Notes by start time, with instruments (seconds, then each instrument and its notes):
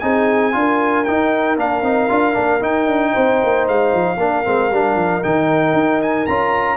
0.00 tuba C4, trombone D#4, horn G#4, trumpet G#5
0.52 tuba D4, trombone F4
0.59 horn A#4
1.05 trombone D#4, tuba D#4, trumpet G5
1.57 tuba A#3, trombone D4, trumpet F5
1.83 tuba C4, trombone D#4
2.09 tuba D4, trombone F4
2.34 tuba A#3, trombone D4
2.61 trombone D#4, tuba D#4, trumpet G5
2.87 tuba D4
3.13 tuba C4, horn C5
3.44 tuba A#3
3.68 tuba G#3, trumpet F5
3.94 tuba F3
4.17 tuba A#3, trombone D4, horn A#4
4.45 tuba G#3, trombone C4
4.71 tuba G3, trombone D4
4.96 tuba F3
5.23 tuba D#3, trombone D#4, trumpet G5
5.74 tuba D#4
6.02 trumpet G#5
6.26 tuba C#4, trombone F4, trumpet A#5